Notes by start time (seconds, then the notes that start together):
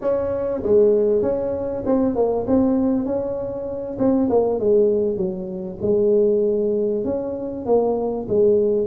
0.01 C#4
0.62 G#3
1.22 C#4
1.85 C4
2.15 A#3
2.47 C4
3.05 C#4
3.98 C4
4.29 A#3
4.59 G#3
5.16 F#3
5.81 G#3
7.04 C#4
7.65 A#3
8.28 G#3